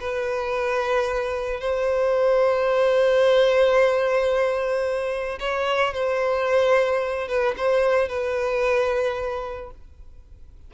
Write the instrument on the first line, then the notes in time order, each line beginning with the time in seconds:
violin
0.00 B4
1.60 C5
5.40 C#5
5.94 C5
7.28 B4
7.57 C5
8.09 B4